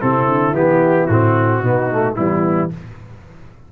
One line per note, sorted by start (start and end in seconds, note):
0.00 0.28 C3
0.00 0.54 C4
0.00 1.61 E4
0.00 0.55 A4
0.28 0.53 D3
0.53 1.07 E3
0.53 1.09 B3
0.53 1.07 G4
1.07 1.63 A2
1.07 1.64 C4
1.07 2.15 F#4
1.61 2.17 B2
1.61 1.91 B3
1.61 2.15 D#4
1.91 2.17 A3
2.16 2.72 E3
2.16 2.71 G3
2.16 2.72 B3
2.16 2.70 E4